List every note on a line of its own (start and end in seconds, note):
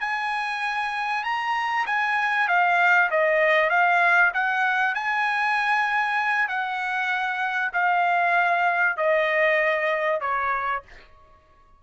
0.00 1.23 G#5
1.23 1.85 A#5
1.86 2.48 G#5
2.48 3.10 F5
3.10 3.69 D#5
3.69 4.32 F5
4.34 4.95 F#5
4.95 6.48 G#5
6.48 7.72 F#5
7.73 8.97 F5
8.97 10.20 D#5
10.20 10.82 C#5